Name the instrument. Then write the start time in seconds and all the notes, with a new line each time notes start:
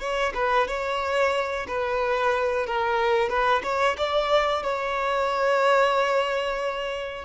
violin
0.00 C#5
0.35 B4
0.68 C#5
1.68 B4
2.67 A#4
3.30 B4
3.64 C#5
3.98 D5
4.63 C#5